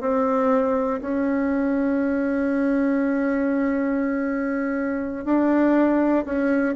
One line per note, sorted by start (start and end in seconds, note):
0.00 1.00 C4
1.00 5.25 C#4
5.25 6.25 D4
6.25 6.75 C#4